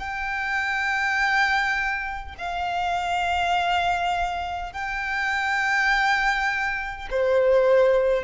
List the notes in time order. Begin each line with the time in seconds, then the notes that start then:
0.00 G5
2.39 F5
4.73 G5
7.11 C5